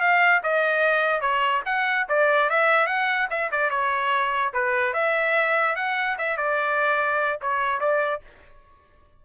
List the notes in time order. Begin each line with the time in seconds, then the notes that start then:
0.00 F5
0.43 D#5
1.21 C#5
1.65 F#5
2.08 D5
2.49 E5
2.86 F#5
3.30 E5
3.51 D5
3.70 C#5
4.53 B4
4.93 E5
5.76 F#5
6.18 E5
6.37 D5
7.41 C#5
7.80 D5